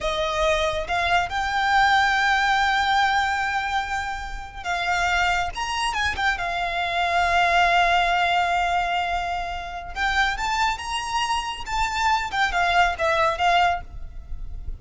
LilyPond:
\new Staff \with { instrumentName = "violin" } { \time 4/4 \tempo 4 = 139 dis''2 f''4 g''4~ | g''1~ | g''2~ g''8. f''4~ f''16~ | f''8. ais''4 gis''8 g''8 f''4~ f''16~ |
f''1~ | f''2. g''4 | a''4 ais''2 a''4~ | a''8 g''8 f''4 e''4 f''4 | }